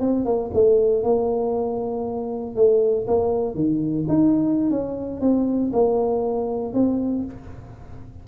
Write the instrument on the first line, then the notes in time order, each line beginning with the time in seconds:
tuba
0.00 C4
0.25 A#3
0.53 A3
1.03 A#3
2.55 A3
3.07 A#3
3.55 D#3
4.08 D#4
4.70 C#4
5.21 C4
5.73 A#3
6.74 C4